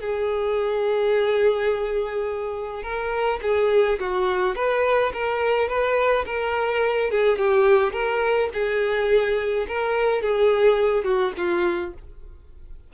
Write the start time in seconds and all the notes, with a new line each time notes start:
0.00 G#4
2.83 A#4
3.42 G#4
3.99 F#4
4.55 B4
5.13 A#4
5.68 B4
6.26 A#4
7.10 G#4
7.38 G4
7.92 A#4
8.53 G#4
9.68 A#4
10.22 G#4
11.04 F#4
11.37 F4